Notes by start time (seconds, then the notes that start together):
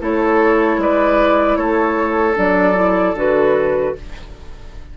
0.00 A3 E4 A4 C#5
0.78 G#3 B4 D5
1.56 A3 A4 C#5
2.34 F#3 D4 D5
2.74 E4
3.14 D3 F#4 B4